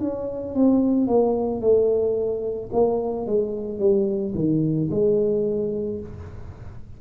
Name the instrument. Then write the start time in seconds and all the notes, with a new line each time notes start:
tuba
0.00 C#4
0.55 C4
1.08 A#3
1.61 A3
2.73 A#3
3.26 G#3
3.79 G3
4.35 D#3
4.91 G#3